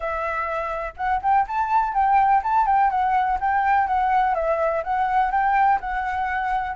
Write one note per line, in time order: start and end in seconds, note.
0.00 0.93 E5
0.97 1.21 F#5
1.22 1.46 G5
1.47 1.93 A5
1.93 2.42 G5
2.43 2.66 A5
2.66 2.90 G5
2.90 3.38 F#5
3.40 3.87 G5
3.87 4.34 F#5
4.34 4.83 E5
4.83 5.31 F#5
5.31 5.79 G5
5.80 6.76 F#5